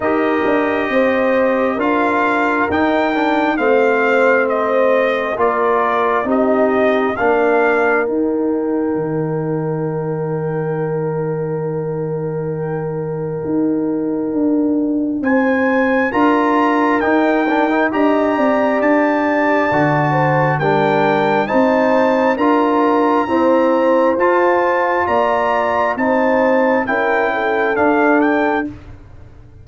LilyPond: <<
  \new Staff \with { instrumentName = "trumpet" } { \time 4/4 \tempo 4 = 67 dis''2 f''4 g''4 | f''4 dis''4 d''4 dis''4 | f''4 g''2.~ | g''1~ |
g''4 gis''4 ais''4 g''4 | ais''4 a''2 g''4 | a''4 ais''2 a''4 | ais''4 a''4 g''4 f''8 g''8 | }
  \new Staff \with { instrumentName = "horn" } { \time 4/4 ais'4 c''4 ais'2 | c''2 ais'4 g'4 | ais'1~ | ais'1~ |
ais'4 c''4 ais'2 | dis''8 d''2 c''8 ais'4 | c''4 ais'4 c''2 | d''4 c''4 ais'8 a'4. | }
  \new Staff \with { instrumentName = "trombone" } { \time 4/4 g'2 f'4 dis'8 d'8 | c'2 f'4 dis'4 | d'4 dis'2.~ | dis'1~ |
dis'2 f'4 dis'8 d'16 dis'16 | g'2 fis'4 d'4 | dis'4 f'4 c'4 f'4~ | f'4 dis'4 e'4 d'4 | }
  \new Staff \with { instrumentName = "tuba" } { \time 4/4 dis'8 d'8 c'4 d'4 dis'4 | a2 ais4 c'4 | ais4 dis'4 dis2~ | dis2. dis'4 |
d'4 c'4 d'4 dis'4 | d'8 c'8 d'4 d4 g4 | c'4 d'4 e'4 f'4 | ais4 c'4 cis'4 d'4 | }
>>